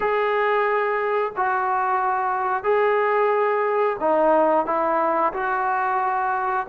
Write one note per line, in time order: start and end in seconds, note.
0.00 1.32 G#4
1.36 2.63 F#4
2.63 3.97 G#4
4.00 4.66 D#4
4.66 5.32 E4
5.33 6.66 F#4